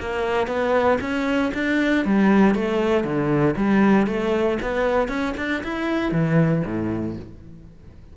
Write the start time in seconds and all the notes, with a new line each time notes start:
0.00 A#3
0.47 B3
1.01 C#4
1.54 D4
2.05 G3
2.55 A3
3.04 D3
3.56 G3
4.07 A3
4.62 B3
5.08 C#4
5.37 D4
5.63 E4
6.12 E3
6.65 A2